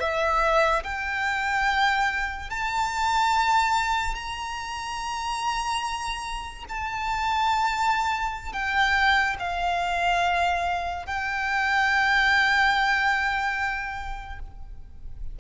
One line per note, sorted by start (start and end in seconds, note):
0.00 0.83 E5
0.84 2.50 G5
2.50 4.15 A5
4.15 6.65 A#5
6.69 8.53 A5
8.53 9.36 G5
9.39 11.06 F5
11.06 14.39 G5